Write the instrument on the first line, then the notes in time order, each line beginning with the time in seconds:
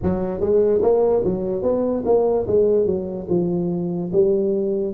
tuba
0.02 F#3
0.40 G#3
0.82 A#3
1.24 F#3
1.62 B3
2.05 A#3
2.47 G#3
2.85 F#3
3.29 F3
4.12 G3